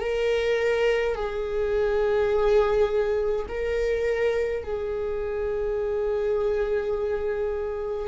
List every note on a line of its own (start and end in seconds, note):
0.00 1.15 A#4
1.15 3.46 G#4
3.48 4.64 A#4
4.64 8.08 G#4